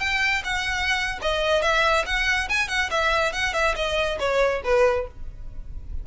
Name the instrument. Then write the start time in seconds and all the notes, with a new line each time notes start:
violin
0.00 G5
0.44 F#5
1.22 D#5
1.62 E5
2.06 F#5
2.49 G#5
2.68 F#5
2.91 E5
3.33 F#5
3.54 E5
3.76 D#5
4.19 C#5
4.64 B4